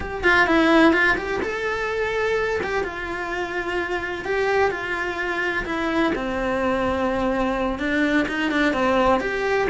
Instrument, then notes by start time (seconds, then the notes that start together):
cello
0.00 G4
0.23 F4
0.46 E4
0.92 F4
1.17 G4
1.42 A4
2.63 G4
2.83 F4
4.24 G4
4.70 F4
5.65 E4
6.15 C4
7.79 D4
8.28 D#4
8.51 D4
8.73 C4
9.20 G4